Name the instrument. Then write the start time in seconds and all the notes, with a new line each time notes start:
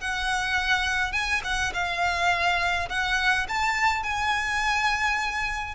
violin
0.00 F#5
1.12 G#5
1.44 F#5
1.73 F5
2.89 F#5
3.48 A5
4.03 G#5